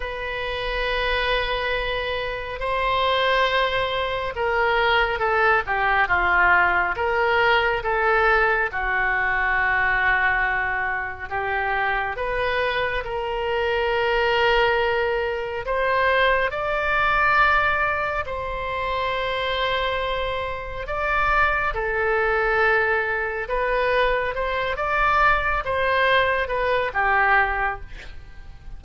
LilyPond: \new Staff \with { instrumentName = "oboe" } { \time 4/4 \tempo 4 = 69 b'2. c''4~ | c''4 ais'4 a'8 g'8 f'4 | ais'4 a'4 fis'2~ | fis'4 g'4 b'4 ais'4~ |
ais'2 c''4 d''4~ | d''4 c''2. | d''4 a'2 b'4 | c''8 d''4 c''4 b'8 g'4 | }